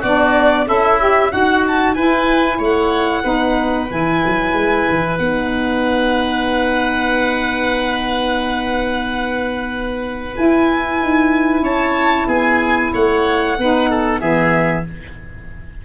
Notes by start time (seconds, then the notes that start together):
0.00 B3 D4 F#4 D5
0.67 C#4 E4 A4 E5
0.99 G4
1.30 D#4 F#4 F#5
1.67 A5
1.94 E4 B4 G#5
2.58 A3 C#5
2.64 F#5
3.22 B3 D#4 B4
3.89 E3 E4 G#5
4.25 F#3
4.53 G#3
4.89 E3
5.17 B3 D#4 F#5
10.34 E4 G#5
11.00 D#4
11.61 C#4 C#5 A5
12.27 B3 G#4 G#5
12.92 A3 C#5 F#5
13.58 B3 D#4 B4
13.90 A4
14.20 E3 B3 G#4 E5